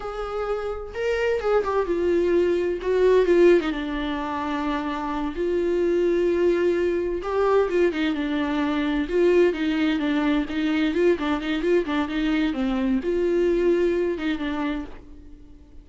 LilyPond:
\new Staff \with { instrumentName = "viola" } { \time 4/4 \tempo 4 = 129 gis'2 ais'4 gis'8 g'8 | f'2 fis'4 f'8. dis'16 | d'2.~ d'8 f'8~ | f'2.~ f'8 g'8~ |
g'8 f'8 dis'8 d'2 f'8~ | f'8 dis'4 d'4 dis'4 f'8 | d'8 dis'8 f'8 d'8 dis'4 c'4 | f'2~ f'8 dis'8 d'4 | }